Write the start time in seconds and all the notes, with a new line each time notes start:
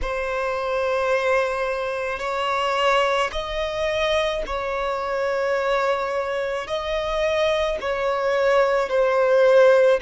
0.01 C5
2.19 C#5
3.31 D#5
4.46 C#5
6.67 D#5
7.80 C#5
8.89 C5